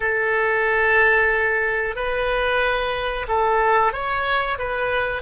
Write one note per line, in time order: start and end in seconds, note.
0.00 1.95 A4
1.95 3.26 B4
3.28 3.92 A4
3.92 4.58 C#5
4.58 5.22 B4